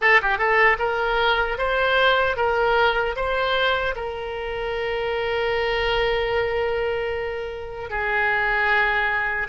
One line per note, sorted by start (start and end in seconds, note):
0.01 0.20 A4
0.22 0.37 G4
0.37 0.77 A4
0.79 1.58 A#4
1.58 2.36 C5
2.36 3.15 A#4
3.15 3.94 C5
3.95 7.89 A#4
7.89 9.47 G#4